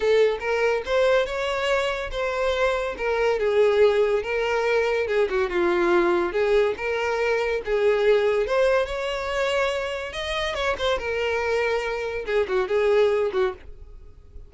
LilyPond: \new Staff \with { instrumentName = "violin" } { \time 4/4 \tempo 4 = 142 a'4 ais'4 c''4 cis''4~ | cis''4 c''2 ais'4 | gis'2 ais'2 | gis'8 fis'8 f'2 gis'4 |
ais'2 gis'2 | c''4 cis''2. | dis''4 cis''8 c''8 ais'2~ | ais'4 gis'8 fis'8 gis'4. fis'8 | }